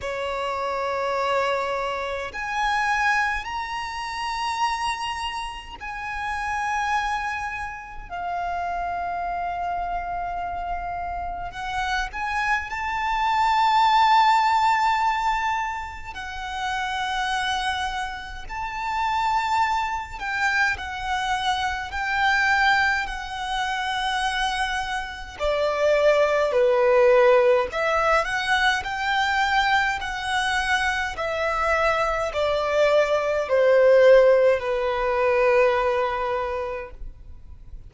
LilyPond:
\new Staff \with { instrumentName = "violin" } { \time 4/4 \tempo 4 = 52 cis''2 gis''4 ais''4~ | ais''4 gis''2 f''4~ | f''2 fis''8 gis''8 a''4~ | a''2 fis''2 |
a''4. g''8 fis''4 g''4 | fis''2 d''4 b'4 | e''8 fis''8 g''4 fis''4 e''4 | d''4 c''4 b'2 | }